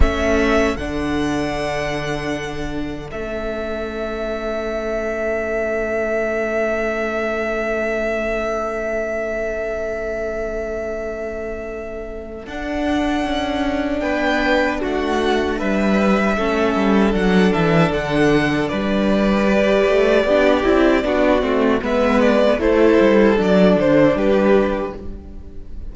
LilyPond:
<<
  \new Staff \with { instrumentName = "violin" } { \time 4/4 \tempo 4 = 77 e''4 fis''2. | e''1~ | e''1~ | e''1 |
fis''2 g''4 fis''4 | e''2 fis''8 e''8 fis''4 | d''1 | e''8 d''8 c''4 d''8 c''8 b'4 | }
  \new Staff \with { instrumentName = "violin" } { \time 4/4 a'1~ | a'1~ | a'1~ | a'1~ |
a'2 b'4 fis'4 | b'4 a'2. | b'2 g'4 fis'4 | b'4 a'2 g'4 | }
  \new Staff \with { instrumentName = "viola" } { \time 4/4 cis'4 d'2. | cis'1~ | cis'1~ | cis'1 |
d'1~ | d'4 cis'4 d'2~ | d'4 g'4 d'8 e'8 d'8 c'8 | b4 e'4 d'2 | }
  \new Staff \with { instrumentName = "cello" } { \time 4/4 a4 d2. | a1~ | a1~ | a1 |
d'4 cis'4 b4 a4 | g4 a8 g8 fis8 e8 d4 | g4. a8 b8 c'8 b8 a8 | gis4 a8 g8 fis8 d8 g4 | }
>>